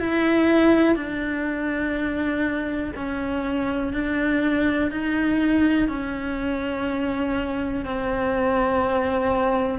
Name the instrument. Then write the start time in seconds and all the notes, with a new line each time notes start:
cello
0.00 E4
0.96 D4
2.96 C#4
3.93 D4
4.91 D#4
5.89 C#4
7.86 C4